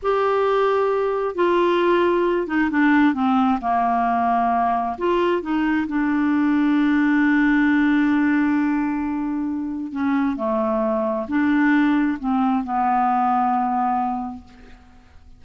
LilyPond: \new Staff \with { instrumentName = "clarinet" } { \time 4/4 \tempo 4 = 133 g'2. f'4~ | f'4. dis'8 d'4 c'4 | ais2. f'4 | dis'4 d'2.~ |
d'1~ | d'2 cis'4 a4~ | a4 d'2 c'4 | b1 | }